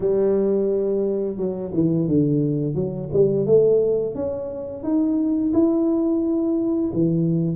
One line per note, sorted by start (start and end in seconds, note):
0.00 1.36 G3
1.36 1.71 F#3
1.73 2.07 E3
2.07 2.74 D3
2.74 3.09 F#3
3.12 3.45 G3
3.45 4.14 A3
4.14 4.83 C#4
4.83 5.52 D#4
5.53 6.91 E4
6.93 7.56 E3